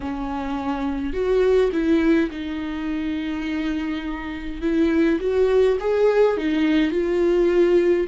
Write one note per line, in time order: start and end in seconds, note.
0.00 1.13 C#4
1.13 1.70 F#4
1.72 2.30 E4
2.31 4.62 D#4
4.62 5.19 E4
5.19 5.77 F#4
5.80 6.37 G#4
6.37 6.91 D#4
6.91 8.06 F4